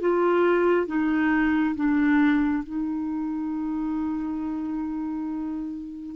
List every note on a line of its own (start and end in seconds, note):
0.00 0.87 F4
0.87 1.75 D#4
1.75 2.64 D4
2.64 6.16 D#4